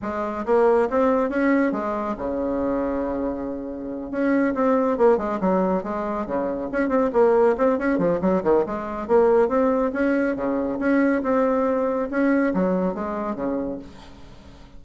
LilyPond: \new Staff \with { instrumentName = "bassoon" } { \time 4/4 \tempo 4 = 139 gis4 ais4 c'4 cis'4 | gis4 cis2.~ | cis4. cis'4 c'4 ais8 | gis8 fis4 gis4 cis4 cis'8 |
c'8 ais4 c'8 cis'8 f8 fis8 dis8 | gis4 ais4 c'4 cis'4 | cis4 cis'4 c'2 | cis'4 fis4 gis4 cis4 | }